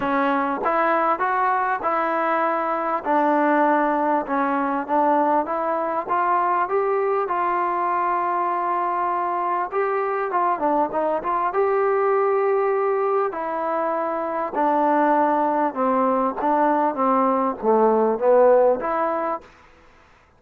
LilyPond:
\new Staff \with { instrumentName = "trombone" } { \time 4/4 \tempo 4 = 99 cis'4 e'4 fis'4 e'4~ | e'4 d'2 cis'4 | d'4 e'4 f'4 g'4 | f'1 |
g'4 f'8 d'8 dis'8 f'8 g'4~ | g'2 e'2 | d'2 c'4 d'4 | c'4 a4 b4 e'4 | }